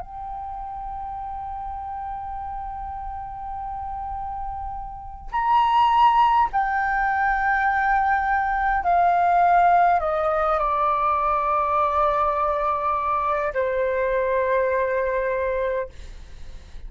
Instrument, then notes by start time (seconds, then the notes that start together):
flute
0.00 G5
5.32 A#5
6.52 G5
8.83 F5
10.00 D#5
10.59 D5
13.53 C5